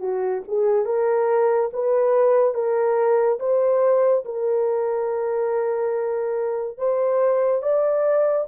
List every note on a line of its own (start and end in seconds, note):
0.00 0.42 F#4
0.48 0.86 G#4
0.86 1.70 A#4
1.73 2.54 B4
2.54 3.39 A#4
3.40 4.24 C5
4.25 6.78 A#4
6.78 7.62 C5
7.62 8.47 D5